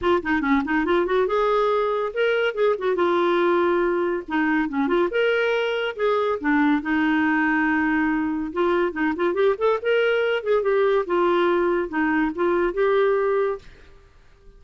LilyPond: \new Staff \with { instrumentName = "clarinet" } { \time 4/4 \tempo 4 = 141 f'8 dis'8 cis'8 dis'8 f'8 fis'8 gis'4~ | gis'4 ais'4 gis'8 fis'8 f'4~ | f'2 dis'4 cis'8 f'8 | ais'2 gis'4 d'4 |
dis'1 | f'4 dis'8 f'8 g'8 a'8 ais'4~ | ais'8 gis'8 g'4 f'2 | dis'4 f'4 g'2 | }